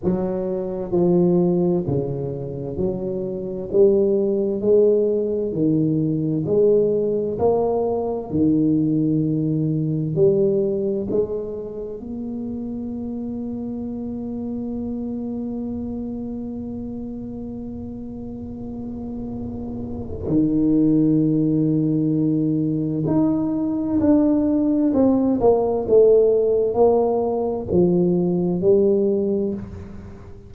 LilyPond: \new Staff \with { instrumentName = "tuba" } { \time 4/4 \tempo 4 = 65 fis4 f4 cis4 fis4 | g4 gis4 dis4 gis4 | ais4 dis2 g4 | gis4 ais2.~ |
ais1~ | ais2 dis2~ | dis4 dis'4 d'4 c'8 ais8 | a4 ais4 f4 g4 | }